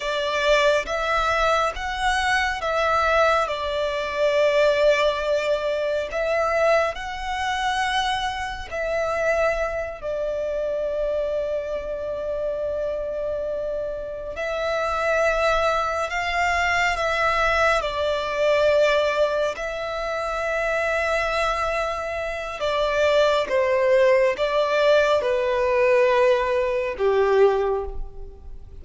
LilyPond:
\new Staff \with { instrumentName = "violin" } { \time 4/4 \tempo 4 = 69 d''4 e''4 fis''4 e''4 | d''2. e''4 | fis''2 e''4. d''8~ | d''1~ |
d''8 e''2 f''4 e''8~ | e''8 d''2 e''4.~ | e''2 d''4 c''4 | d''4 b'2 g'4 | }